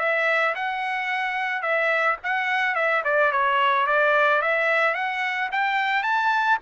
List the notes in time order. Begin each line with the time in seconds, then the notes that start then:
0.00 E5
0.55 F#5
1.63 E5
2.24 F#5
2.75 E5
3.05 D5
3.32 C#5
3.87 D5
4.42 E5
4.95 F#5
5.52 G5
6.03 A5